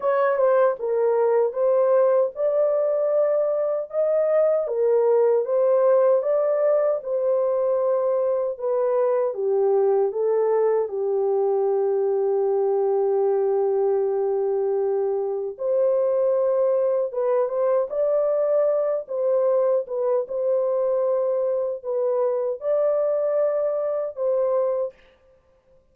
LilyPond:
\new Staff \with { instrumentName = "horn" } { \time 4/4 \tempo 4 = 77 cis''8 c''8 ais'4 c''4 d''4~ | d''4 dis''4 ais'4 c''4 | d''4 c''2 b'4 | g'4 a'4 g'2~ |
g'1 | c''2 b'8 c''8 d''4~ | d''8 c''4 b'8 c''2 | b'4 d''2 c''4 | }